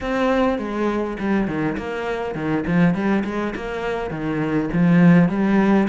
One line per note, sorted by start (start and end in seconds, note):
0.01 0.58 C4
0.58 1.17 G#3
1.19 1.47 G3
1.47 1.76 D#3
1.77 2.34 A#3
2.34 2.64 D#3
2.67 2.94 F3
2.94 3.23 G3
3.24 3.53 G#3
3.55 4.10 A#3
4.10 4.69 D#3
4.72 5.29 F3
5.29 5.87 G3